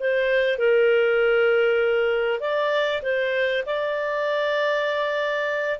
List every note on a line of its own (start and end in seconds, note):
0.00 0.58 C5
0.58 2.40 A#4
2.40 3.02 D5
3.03 3.64 C5
3.66 5.80 D5